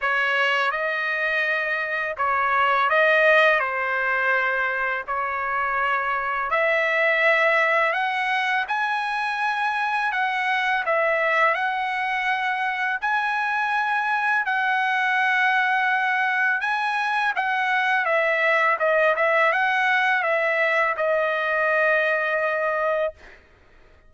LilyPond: \new Staff \with { instrumentName = "trumpet" } { \time 4/4 \tempo 4 = 83 cis''4 dis''2 cis''4 | dis''4 c''2 cis''4~ | cis''4 e''2 fis''4 | gis''2 fis''4 e''4 |
fis''2 gis''2 | fis''2. gis''4 | fis''4 e''4 dis''8 e''8 fis''4 | e''4 dis''2. | }